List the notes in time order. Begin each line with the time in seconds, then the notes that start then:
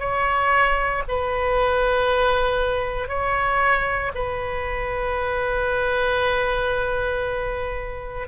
0.00 C#5
1.09 B4
3.08 C#5
4.15 B4